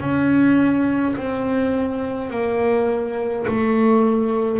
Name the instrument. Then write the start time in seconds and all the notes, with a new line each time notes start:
double bass
0.00 C#4
1.16 C4
2.30 A#3
3.47 A3